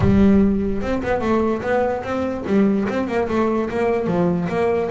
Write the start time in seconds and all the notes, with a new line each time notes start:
0.00 G3
0.81 C4
1.02 B3
1.20 A3
1.62 B3
2.03 C4
2.46 G3
2.88 C4
3.07 A#3
3.28 A3
3.69 A#3
4.06 F3
4.48 A#3